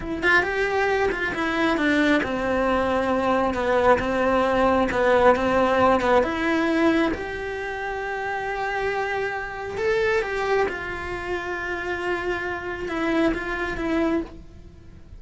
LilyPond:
\new Staff \with { instrumentName = "cello" } { \time 4/4 \tempo 4 = 135 e'8 f'8 g'4. f'8 e'4 | d'4 c'2. | b4 c'2 b4 | c'4. b8 e'2 |
g'1~ | g'2 a'4 g'4 | f'1~ | f'4 e'4 f'4 e'4 | }